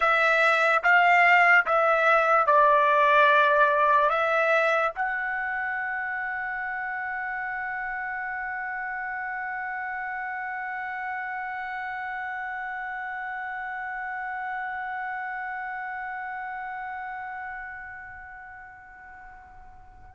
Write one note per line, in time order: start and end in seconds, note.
0.00 0.82 E5
0.83 1.65 F5
1.66 2.46 E5
2.46 4.09 D5
4.09 4.91 E5
4.95 20.15 F#5